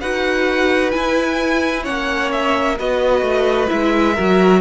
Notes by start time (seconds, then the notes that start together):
0.00 D#4 F#4 B4 F#5
0.91 E4 G#5
1.83 A#3 C#4 C#5 F#5
2.32 E5
2.79 B3 F#4 B4 D#5
3.21 A3
3.67 G#3 E4 E5
4.14 F#3 F#4 A#4